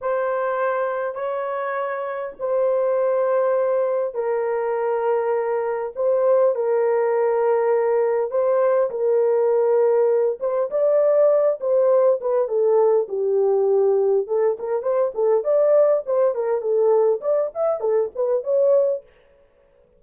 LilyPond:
\new Staff \with { instrumentName = "horn" } { \time 4/4 \tempo 4 = 101 c''2 cis''2 | c''2. ais'4~ | ais'2 c''4 ais'4~ | ais'2 c''4 ais'4~ |
ais'4. c''8 d''4. c''8~ | c''8 b'8 a'4 g'2 | a'8 ais'8 c''8 a'8 d''4 c''8 ais'8 | a'4 d''8 e''8 a'8 b'8 cis''4 | }